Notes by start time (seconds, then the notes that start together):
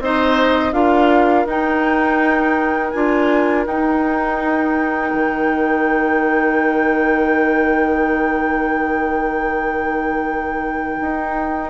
0.00 C4 D#4 C5 D#5
0.72 D4 F4 A#4 F5
1.46 D#4 G5
2.90 D4 F4 G#5
3.67 D#4 G5
5.14 D#3
11.01 D#4